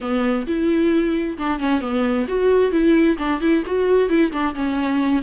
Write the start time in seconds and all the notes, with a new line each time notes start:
0.01 B3
0.46 E4
1.38 D4
1.59 C#4
1.81 B3
2.28 F#4
2.71 E4
3.18 D4
3.40 E4
3.66 F#4
4.09 E4
4.31 D4
4.54 C#4